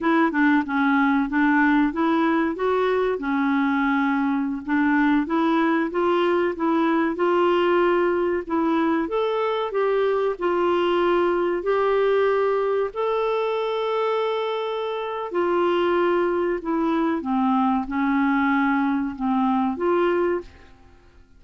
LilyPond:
\new Staff \with { instrumentName = "clarinet" } { \time 4/4 \tempo 4 = 94 e'8 d'8 cis'4 d'4 e'4 | fis'4 cis'2~ cis'16 d'8.~ | d'16 e'4 f'4 e'4 f'8.~ | f'4~ f'16 e'4 a'4 g'8.~ |
g'16 f'2 g'4.~ g'16~ | g'16 a'2.~ a'8. | f'2 e'4 c'4 | cis'2 c'4 f'4 | }